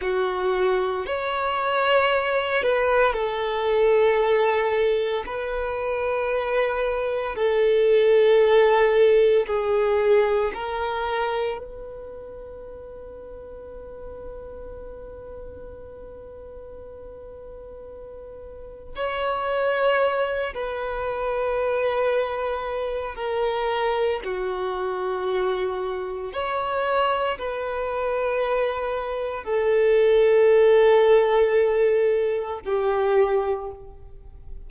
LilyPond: \new Staff \with { instrumentName = "violin" } { \time 4/4 \tempo 4 = 57 fis'4 cis''4. b'8 a'4~ | a'4 b'2 a'4~ | a'4 gis'4 ais'4 b'4~ | b'1~ |
b'2 cis''4. b'8~ | b'2 ais'4 fis'4~ | fis'4 cis''4 b'2 | a'2. g'4 | }